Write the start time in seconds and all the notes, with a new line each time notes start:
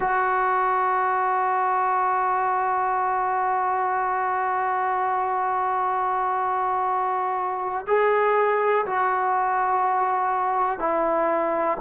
0.00 F#4
7.87 G#4
8.85 F#4
10.79 E4